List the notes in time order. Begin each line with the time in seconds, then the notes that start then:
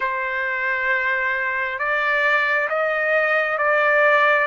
0.00 C5
1.78 D5
2.69 D#5
3.57 D5